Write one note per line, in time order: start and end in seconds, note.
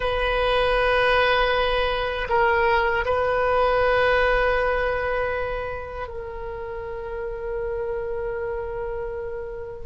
0.00 2.28 B4
2.29 3.04 A#4
3.05 6.07 B4
6.07 9.85 A#4